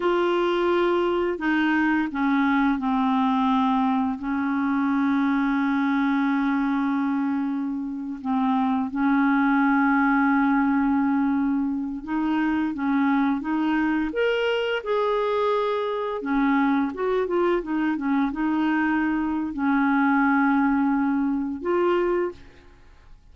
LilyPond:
\new Staff \with { instrumentName = "clarinet" } { \time 4/4 \tempo 4 = 86 f'2 dis'4 cis'4 | c'2 cis'2~ | cis'2.~ cis'8. c'16~ | c'8. cis'2.~ cis'16~ |
cis'4~ cis'16 dis'4 cis'4 dis'8.~ | dis'16 ais'4 gis'2 cis'8.~ | cis'16 fis'8 f'8 dis'8 cis'8 dis'4.~ dis'16 | cis'2. f'4 | }